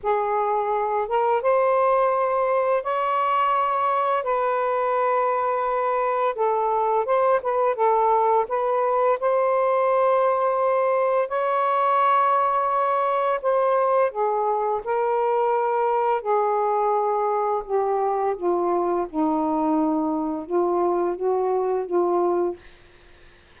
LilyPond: \new Staff \with { instrumentName = "saxophone" } { \time 4/4 \tempo 4 = 85 gis'4. ais'8 c''2 | cis''2 b'2~ | b'4 a'4 c''8 b'8 a'4 | b'4 c''2. |
cis''2. c''4 | gis'4 ais'2 gis'4~ | gis'4 g'4 f'4 dis'4~ | dis'4 f'4 fis'4 f'4 | }